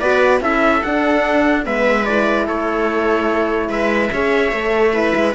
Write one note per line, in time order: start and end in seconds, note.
0.00 0.41 B3
0.00 0.41 F#4
0.00 0.41 B4
0.00 0.41 D5
0.41 0.82 C#4
0.41 0.82 E4
0.41 1.65 A4
0.41 0.83 E5
0.83 1.66 D4
0.83 1.64 D4
0.83 1.65 F#5
1.64 2.48 G#3
1.64 2.05 B3
1.64 2.46 B4
1.64 2.05 E5
2.05 4.12 E4
2.05 2.46 D5
2.46 3.68 A3
2.46 3.69 A4
2.46 3.71 C#5
3.68 4.10 G#3
3.68 4.10 B4
3.68 5.35 E5
4.12 4.52 C#4
4.12 4.54 G#4
4.12 4.94 C#5
4.52 5.14 A3
4.52 4.93 A4
4.93 5.34 E4
4.93 5.35 B4
5.15 5.35 G#3